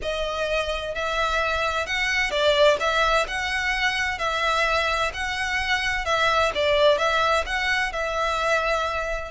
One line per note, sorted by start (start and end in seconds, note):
0.01 0.95 D#5
0.95 1.86 E5
1.86 2.30 F#5
2.30 2.77 D5
2.79 3.26 E5
3.27 4.18 F#5
4.18 5.11 E5
5.13 6.05 F#5
6.05 6.51 E5
6.54 6.97 D5
6.97 7.44 E5
7.46 7.92 F#5
7.92 9.31 E5